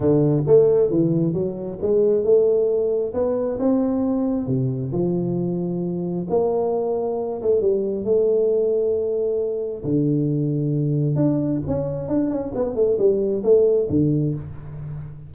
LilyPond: \new Staff \with { instrumentName = "tuba" } { \time 4/4 \tempo 4 = 134 d4 a4 e4 fis4 | gis4 a2 b4 | c'2 c4 f4~ | f2 ais2~ |
ais8 a8 g4 a2~ | a2 d2~ | d4 d'4 cis'4 d'8 cis'8 | b8 a8 g4 a4 d4 | }